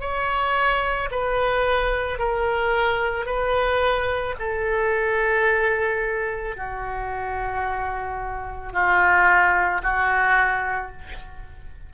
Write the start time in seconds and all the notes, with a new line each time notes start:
0.00 C#5
1.11 B4
2.18 A#4
3.25 B4
4.39 A4
6.56 F#4
8.72 F4
9.82 F#4